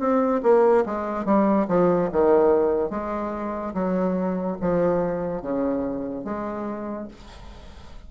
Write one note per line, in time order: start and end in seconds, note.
0.00 0.42 C4
0.43 0.85 A#3
0.86 1.26 G#3
1.26 1.67 G3
1.69 2.10 F3
2.12 2.91 D#3
2.91 3.74 G#3
3.74 4.58 F#3
4.61 5.42 F3
5.42 6.25 C#3
6.25 7.08 G#3